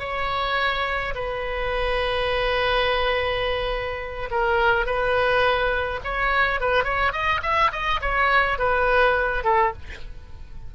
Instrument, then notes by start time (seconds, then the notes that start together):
oboe
0.00 C#5
1.15 B4
4.31 A#4
4.86 B4
6.04 C#5
6.61 B4
6.84 C#5
7.13 D#5
7.43 E5
7.72 D#5
8.01 C#5
8.59 B4
9.44 A4